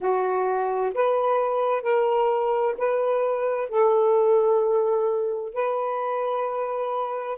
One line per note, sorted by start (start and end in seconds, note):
0.00 0.93 F#4
0.94 1.82 B4
1.82 2.74 A#4
2.78 3.69 B4
3.69 5.53 A4
5.53 7.38 B4